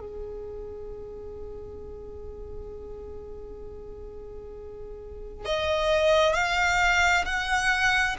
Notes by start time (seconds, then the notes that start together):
0.00 G#4
5.45 D#5
6.34 F5
7.25 F#5